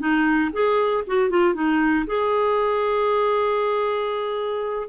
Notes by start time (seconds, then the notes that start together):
0.00 D#4
0.53 G#4
1.07 F#4
1.30 F4
1.55 D#4
2.07 G#4